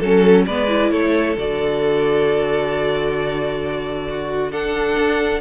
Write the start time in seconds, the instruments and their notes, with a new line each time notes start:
0.00 cello F#3, viola C#4, violin A4
0.47 cello G#3, viola B3, violin B4 D5
0.68 viola E4
0.91 cello A3, violin A4 C#5
1.37 cello D3, viola F#4, violin D5
4.10 violin F#4
4.52 viola D4, violin A4 F#5
4.97 cello D4